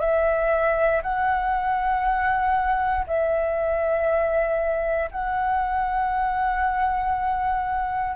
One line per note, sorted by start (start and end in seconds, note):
0.00 1.02 E5
1.03 3.06 F#5
3.07 5.10 E5
5.11 8.16 F#5